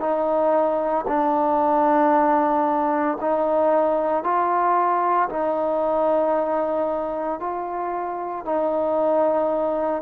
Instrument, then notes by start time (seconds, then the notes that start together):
trombone
0.00 D#4
1.08 D4
3.21 D#4
4.23 F4
5.29 D#4
7.40 F4
8.45 D#4